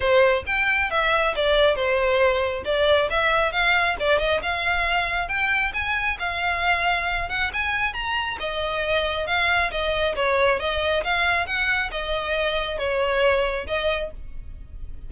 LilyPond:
\new Staff \with { instrumentName = "violin" } { \time 4/4 \tempo 4 = 136 c''4 g''4 e''4 d''4 | c''2 d''4 e''4 | f''4 d''8 dis''8 f''2 | g''4 gis''4 f''2~ |
f''8 fis''8 gis''4 ais''4 dis''4~ | dis''4 f''4 dis''4 cis''4 | dis''4 f''4 fis''4 dis''4~ | dis''4 cis''2 dis''4 | }